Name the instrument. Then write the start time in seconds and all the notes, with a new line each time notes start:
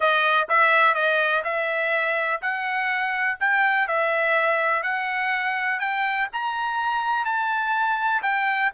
trumpet
0.00 D#5
0.48 E5
0.94 D#5
1.44 E5
2.41 F#5
3.40 G5
3.87 E5
4.83 F#5
5.79 G5
6.32 A#5
7.25 A5
8.22 G5